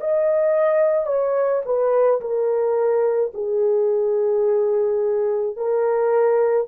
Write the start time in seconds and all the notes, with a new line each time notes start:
0.00 D#5
1.07 C#5
1.65 B4
2.21 A#4
3.34 G#4
5.56 A#4